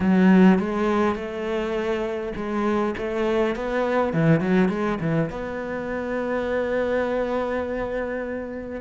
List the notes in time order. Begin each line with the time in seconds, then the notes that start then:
0.00 F#3
0.59 G#3
1.15 A3
2.36 G#3
2.97 A3
3.55 B3
4.13 E3
4.40 F#3
4.68 G#3
5.00 E3
5.30 B3